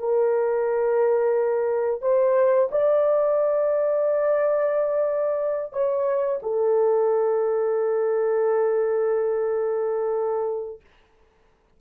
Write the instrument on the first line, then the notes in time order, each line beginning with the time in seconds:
horn
0.00 A#4
2.02 C5
2.72 D5
5.73 C#5
6.43 A4